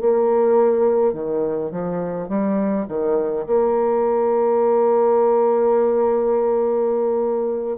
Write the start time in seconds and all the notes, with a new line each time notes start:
0.00 A#3
1.13 D#3
1.71 F3
2.28 G3
2.88 D#3
3.46 A#3